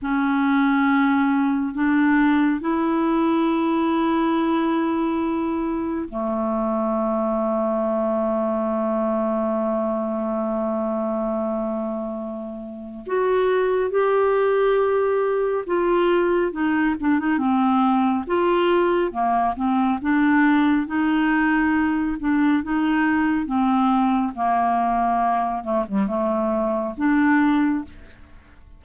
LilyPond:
\new Staff \with { instrumentName = "clarinet" } { \time 4/4 \tempo 4 = 69 cis'2 d'4 e'4~ | e'2. a4~ | a1~ | a2. fis'4 |
g'2 f'4 dis'8 d'16 dis'16 | c'4 f'4 ais8 c'8 d'4 | dis'4. d'8 dis'4 c'4 | ais4. a16 g16 a4 d'4 | }